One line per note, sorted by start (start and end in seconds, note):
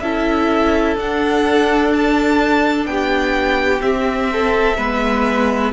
0.00 0.96 C#4
0.00 0.98 E4
0.00 2.88 A4
0.00 0.95 E5
0.96 2.86 D4
0.96 3.81 D4
0.96 1.93 F#5
1.93 2.87 A5
2.86 3.81 B3
2.86 4.33 G4
2.86 3.82 G5
3.81 4.76 C4
3.81 4.78 C4
3.81 5.72 E5
4.33 4.78 A4
4.78 5.73 G#3
4.78 5.73 B3
4.78 5.73 B4